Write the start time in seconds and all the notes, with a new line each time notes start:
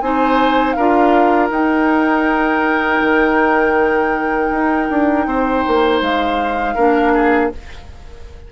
0.00 C4 D#4 C5 G#5
0.72 D4 A#4 F5
0.78 F4
1.50 D#4 G5
3.00 D#3
4.50 D#4
4.90 D4
5.26 C4 C5
5.67 A#3
6.01 G#3 F5
6.74 A#3 D4 A#4
7.14 G#4